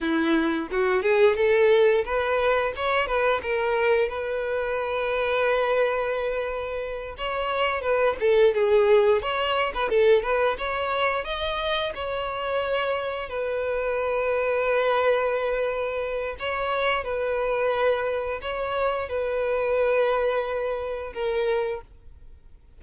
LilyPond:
\new Staff \with { instrumentName = "violin" } { \time 4/4 \tempo 4 = 88 e'4 fis'8 gis'8 a'4 b'4 | cis''8 b'8 ais'4 b'2~ | b'2~ b'8 cis''4 b'8 | a'8 gis'4 cis''8. b'16 a'8 b'8 cis''8~ |
cis''8 dis''4 cis''2 b'8~ | b'1 | cis''4 b'2 cis''4 | b'2. ais'4 | }